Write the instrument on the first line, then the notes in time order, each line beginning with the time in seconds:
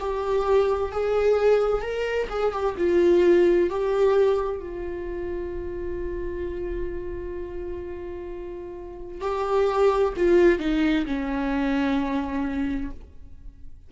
viola
0.00 G4
0.92 G#4
1.82 A#4
2.30 G#4
2.52 G4
2.78 F4
3.70 G4
4.60 F4
9.21 G4
10.17 F4
10.59 D#4
11.06 C#4